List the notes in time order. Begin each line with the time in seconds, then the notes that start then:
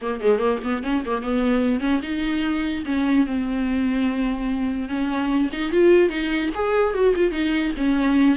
0.01 A#3
0.20 G#3
0.38 A#3
0.63 B3
0.83 C#4
1.05 A#3
1.22 B3
1.80 C#4
2.02 D#4
2.85 C#4
3.26 C4
4.88 C#4
5.52 D#4
5.71 F4
6.09 D#4
6.55 G#4
6.94 F#4
7.15 F4
7.31 D#4
7.77 C#4